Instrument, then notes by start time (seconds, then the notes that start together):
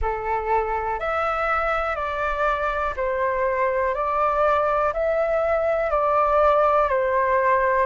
flute
0.01 A4
0.99 E5
1.95 D5
2.96 C5
3.94 D5
4.93 E5
5.90 D5
6.89 C5